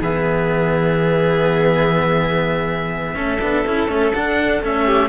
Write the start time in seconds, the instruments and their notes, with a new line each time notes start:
0.00 cello E3 B3, violin G#4, oboe E5
3.14 cello A3 C#4, violin A4
3.41 cello B3 D4
3.66 cello C#4 E4
3.87 cello A3 C#4
4.13 cello D4, oboe F#5
4.61 cello A3 C#4, oboe E5
4.85 violin G4